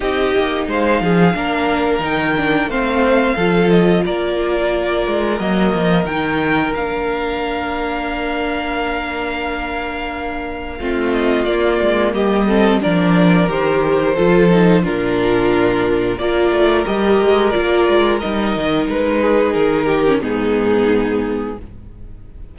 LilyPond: <<
  \new Staff \with { instrumentName = "violin" } { \time 4/4 \tempo 4 = 89 dis''4 f''2 g''4 | f''4. dis''8 d''2 | dis''4 g''4 f''2~ | f''1~ |
f''8 dis''8 d''4 dis''4 d''4 | c''2 ais'2 | d''4 dis''4 d''4 dis''4 | b'4 ais'4 gis'2 | }
  \new Staff \with { instrumentName = "violin" } { \time 4/4 g'4 c''8 gis'8 ais'2 | c''4 a'4 ais'2~ | ais'1~ | ais'1 |
f'2 g'8 a'8 ais'4~ | ais'4 a'4 f'2 | ais'1~ | ais'8 gis'4 g'8 dis'2 | }
  \new Staff \with { instrumentName = "viola" } { \time 4/4 dis'2 d'4 dis'8 d'8 | c'4 f'2. | ais4 dis'4 d'2~ | d'1 |
c'4 ais4. c'8 d'4 | g'4 f'8 dis'8 d'2 | f'4 g'4 f'4 dis'4~ | dis'4.~ dis'16 cis'16 b2 | }
  \new Staff \with { instrumentName = "cello" } { \time 4/4 c'8 ais8 gis8 f8 ais4 dis4 | a4 f4 ais4. gis8 | fis8 f8 dis4 ais2~ | ais1 |
a4 ais8 gis8 g4 f4 | dis4 f4 ais,2 | ais8 a8 g8 gis8 ais8 gis8 g8 dis8 | gis4 dis4 gis,2 | }
>>